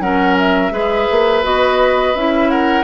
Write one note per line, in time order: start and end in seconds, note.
0.00 0.71 F#3
0.00 0.72 C#4
0.00 0.73 A#4
0.00 0.37 F#5
0.39 1.45 E5
0.71 1.07 G#3
0.71 1.43 G#4
0.71 2.51 B4
1.11 1.44 A#3
1.43 2.14 B3
1.43 2.15 F#4
1.43 2.16 D#5
2.14 2.84 C#4
2.14 2.84 E4
2.14 2.50 E5
2.50 2.84 A#4
2.50 2.84 F#5